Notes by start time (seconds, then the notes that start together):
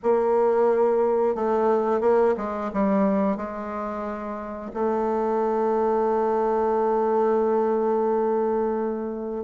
0.02 A#3
1.35 A3
2.00 A#3
2.37 G#3
2.73 G3
3.36 G#3
4.73 A3